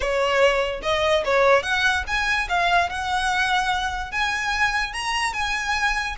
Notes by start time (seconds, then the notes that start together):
0.00 C#5
0.82 D#5
1.24 C#5
1.62 F#5
2.07 G#5
2.48 F5
2.89 F#5
4.11 G#5
4.93 A#5
5.33 G#5